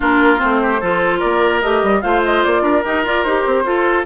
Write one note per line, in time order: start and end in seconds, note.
0.00 0.41 A#3
0.00 0.37 D4
0.00 0.61 F4
0.00 0.39 A#4
0.37 0.81 A3
0.37 0.78 C4
0.37 1.20 C5
0.62 0.80 G4
0.80 1.22 F3
0.80 1.62 F4
0.80 1.18 A4
1.18 1.63 A#3
1.18 2.00 A#4
1.18 1.60 D5
1.61 1.82 A3
1.61 2.02 G4
1.61 2.01 D#5
1.82 2.03 G3
2.01 2.44 A3
2.01 2.83 F4
2.01 2.62 C5
2.01 2.22 F5
2.24 2.43 D#5
2.43 2.61 A#3
2.43 2.84 D5
2.61 2.81 D4
2.61 3.63 A#4
2.84 3.04 D#4
2.84 3.03 G4
2.84 3.06 D#5
3.03 3.23 F4
3.03 3.25 F4
3.03 3.23 D5
3.23 3.45 D#4
3.23 3.65 G4
3.23 4.04 C5
3.45 3.64 C4
3.64 4.04 F4
3.64 4.05 F4
3.64 4.06 A4